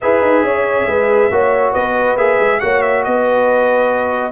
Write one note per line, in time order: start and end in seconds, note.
0.01 0.21 E4
0.01 1.31 G#4
0.01 0.44 B4
0.01 1.73 E5
0.21 0.42 D#4
0.42 0.85 C#4
0.42 0.88 C#5
0.87 1.30 G#3
0.87 1.31 B4
1.30 1.74 A#3
1.30 2.18 F#4
1.30 1.72 C#5
1.72 2.16 B3
1.72 2.59 B4
1.72 2.17 D#5
2.16 2.38 A#3
2.16 2.60 G#4
2.16 2.59 E5
2.39 2.61 G#3
2.59 3.06 A#3
2.59 4.32 F#4
2.59 3.06 C#5
2.59 2.81 F#5
2.81 3.03 E5
3.03 4.32 B3
3.03 4.32 B4
3.03 4.32 D#5